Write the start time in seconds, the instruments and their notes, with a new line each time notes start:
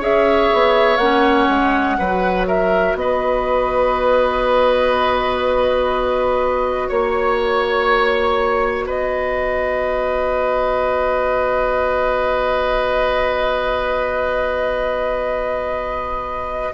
0.00 bassoon C#4, clarinet G#4, oboe C#5, flute E5
0.53 bassoon B3
0.97 bassoon A#3, clarinet C#4, flute F#5
1.49 bassoon G#3
1.98 bassoon F#3, clarinet F#4, oboe B4
2.47 oboe A#4, flute E5
2.95 bassoon B3, oboe B4, flute D#5
6.89 bassoon A#3, oboe C#5, flute C#5
8.86 bassoon B3, oboe B4, flute D#5